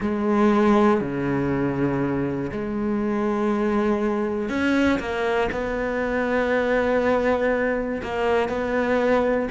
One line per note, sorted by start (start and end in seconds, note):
0.00 1.00 G#3
1.00 2.50 C#3
2.52 4.49 G#3
4.49 4.99 C#4
4.99 5.49 A#3
5.51 8.01 B3
8.02 8.48 A#3
8.48 9.48 B3